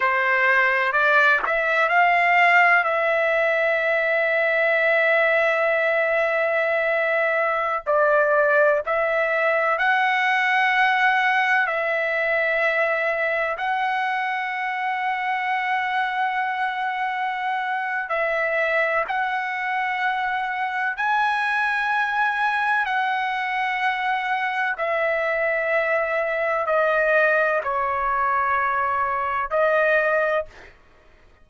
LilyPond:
\new Staff \with { instrumentName = "trumpet" } { \time 4/4 \tempo 4 = 63 c''4 d''8 e''8 f''4 e''4~ | e''1~ | e''16 d''4 e''4 fis''4.~ fis''16~ | fis''16 e''2 fis''4.~ fis''16~ |
fis''2. e''4 | fis''2 gis''2 | fis''2 e''2 | dis''4 cis''2 dis''4 | }